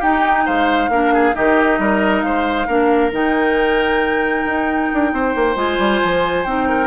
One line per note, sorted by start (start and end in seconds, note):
0.00 0.91 D#4
0.00 0.47 D#4
0.00 0.44 G4
0.00 0.47 G5
0.46 0.89 G#3
0.46 0.90 C5
0.46 1.36 F5
0.89 1.34 A#3
0.89 1.34 D4
0.89 1.14 A#4
1.14 1.36 G#4
1.34 1.79 D#3
1.34 2.67 D#4
1.34 1.80 G4
1.34 2.22 D#5
1.79 2.23 G3
1.79 2.25 A#4
2.22 2.67 G#3
2.22 2.68 C5
2.22 3.11 F5
2.68 3.13 A#3
2.68 3.12 D4
2.68 5.12 A#4
3.12 4.46 D#3
3.12 5.56 D#4
3.12 5.58 G5
4.46 4.90 D#4
4.94 5.13 D4
5.13 5.35 C4
5.13 6.69 C5
5.36 5.56 A#3
5.56 5.78 G#3
5.56 6.45 F4
5.56 6.45 G#5
5.79 6.01 G3
6.04 6.46 F3
6.45 6.88 C4
6.45 6.88 D#4
6.45 6.88 G5
6.69 6.88 A#4